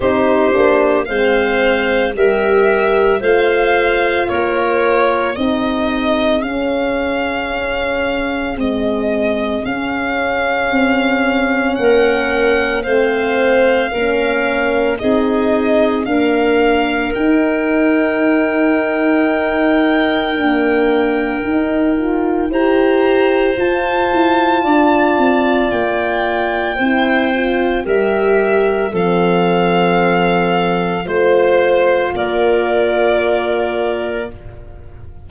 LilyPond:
<<
  \new Staff \with { instrumentName = "violin" } { \time 4/4 \tempo 4 = 56 c''4 f''4 e''4 f''4 | cis''4 dis''4 f''2 | dis''4 f''2 fis''4 | f''2 dis''4 f''4 |
g''1~ | g''4 ais''4 a''2 | g''2 e''4 f''4~ | f''4 c''4 d''2 | }
  \new Staff \with { instrumentName = "clarinet" } { \time 4/4 g'4 c''4 ais'4 c''4 | ais'4 gis'2.~ | gis'2. ais'4 | c''4 ais'4 gis'4 ais'4~ |
ais'1~ | ais'4 c''2 d''4~ | d''4 c''4 ais'4 a'4~ | a'4 c''4 ais'2 | }
  \new Staff \with { instrumentName = "horn" } { \time 4/4 dis'8 d'8 c'4 g'4 f'4~ | f'4 dis'4 cis'2 | gis4 cis'2. | c'4 cis'4 dis'4 ais4 |
dis'2. ais4 | dis'8 f'8 g'4 f'2~ | f'4 e'8 f'8 g'4 c'4~ | c'4 f'2. | }
  \new Staff \with { instrumentName = "tuba" } { \time 4/4 c'8 ais8 gis4 g4 a4 | ais4 c'4 cis'2 | c'4 cis'4 c'4 ais4 | a4 ais4 c'4 d'4 |
dis'2. d'4 | dis'4 e'4 f'8 e'8 d'8 c'8 | ais4 c'4 g4 f4~ | f4 a4 ais2 | }
>>